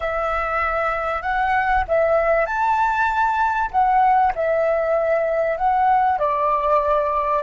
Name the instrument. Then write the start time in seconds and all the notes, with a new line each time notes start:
flute
0.00 E5
1.22 F#5
1.88 E5
2.46 A5
3.71 F#5
4.35 E5
5.57 F#5
6.19 D5